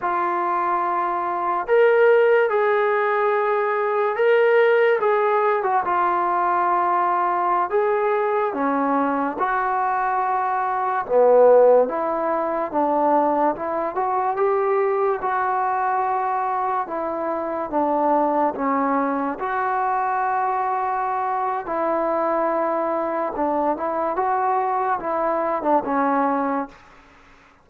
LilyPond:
\new Staff \with { instrumentName = "trombone" } { \time 4/4 \tempo 4 = 72 f'2 ais'4 gis'4~ | gis'4 ais'4 gis'8. fis'16 f'4~ | f'4~ f'16 gis'4 cis'4 fis'8.~ | fis'4~ fis'16 b4 e'4 d'8.~ |
d'16 e'8 fis'8 g'4 fis'4.~ fis'16~ | fis'16 e'4 d'4 cis'4 fis'8.~ | fis'2 e'2 | d'8 e'8 fis'4 e'8. d'16 cis'4 | }